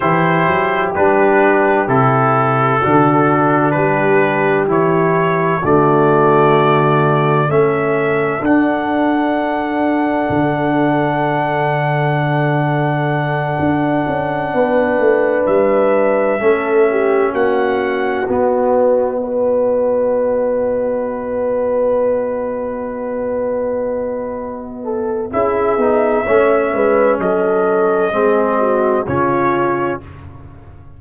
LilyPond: <<
  \new Staff \with { instrumentName = "trumpet" } { \time 4/4 \tempo 4 = 64 c''4 b'4 a'2 | b'4 cis''4 d''2 | e''4 fis''2.~ | fis''1~ |
fis''8 e''2 fis''4 dis''8~ | dis''1~ | dis''2. e''4~ | e''4 dis''2 cis''4 | }
  \new Staff \with { instrumentName = "horn" } { \time 4/4 g'2. fis'4 | g'2 fis'2 | a'1~ | a'2.~ a'8 b'8~ |
b'4. a'8 g'8 fis'4.~ | fis'8 b'2.~ b'8~ | b'2~ b'8 a'8 gis'4 | cis''8 b'8 a'4 gis'8 fis'8 f'4 | }
  \new Staff \with { instrumentName = "trombone" } { \time 4/4 e'4 d'4 e'4 d'4~ | d'4 e'4 a2 | cis'4 d'2.~ | d'1~ |
d'4. cis'2 b8~ | b8 fis'2.~ fis'8~ | fis'2. e'8 dis'8 | cis'2 c'4 cis'4 | }
  \new Staff \with { instrumentName = "tuba" } { \time 4/4 e8 fis8 g4 c4 d4 | g4 e4 d2 | a4 d'2 d4~ | d2~ d8 d'8 cis'8 b8 |
a8 g4 a4 ais4 b8~ | b1~ | b2. cis'8 b8 | a8 gis8 fis4 gis4 cis4 | }
>>